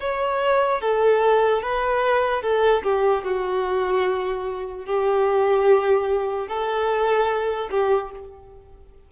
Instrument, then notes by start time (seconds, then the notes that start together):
violin
0.00 C#5
0.81 A4
1.62 B4
2.42 A4
2.83 G4
3.23 F#4
4.85 G4
6.48 A4
7.70 G4